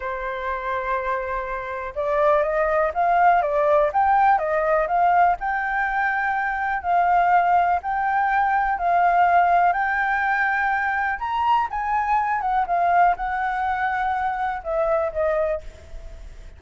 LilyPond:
\new Staff \with { instrumentName = "flute" } { \time 4/4 \tempo 4 = 123 c''1 | d''4 dis''4 f''4 d''4 | g''4 dis''4 f''4 g''4~ | g''2 f''2 |
g''2 f''2 | g''2. ais''4 | gis''4. fis''8 f''4 fis''4~ | fis''2 e''4 dis''4 | }